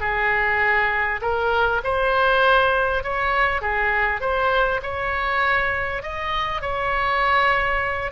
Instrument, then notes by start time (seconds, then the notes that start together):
oboe
0.00 G#4
1.21 A#4
1.84 C5
3.03 C#5
3.61 G#4
4.20 C5
4.82 C#5
6.02 D#5
6.61 C#5